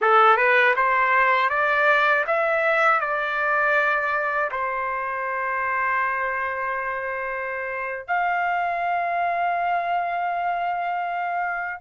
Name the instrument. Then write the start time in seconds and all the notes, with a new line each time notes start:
trumpet
0.01 A4
0.36 B4
0.76 C5
1.49 D5
2.26 E5
3.00 D5
4.51 C5
8.07 F5